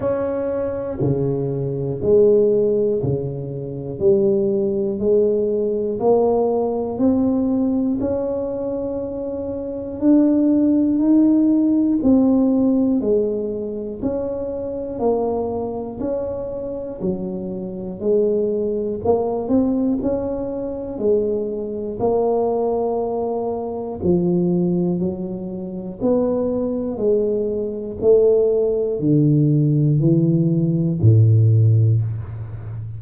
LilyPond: \new Staff \with { instrumentName = "tuba" } { \time 4/4 \tempo 4 = 60 cis'4 cis4 gis4 cis4 | g4 gis4 ais4 c'4 | cis'2 d'4 dis'4 | c'4 gis4 cis'4 ais4 |
cis'4 fis4 gis4 ais8 c'8 | cis'4 gis4 ais2 | f4 fis4 b4 gis4 | a4 d4 e4 a,4 | }